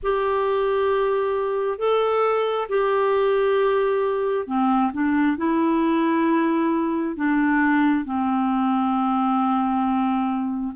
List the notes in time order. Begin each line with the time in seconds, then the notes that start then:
0.02 G4
1.78 A4
2.68 G4
4.47 C4
4.93 D4
5.37 E4
7.16 D4
8.04 C4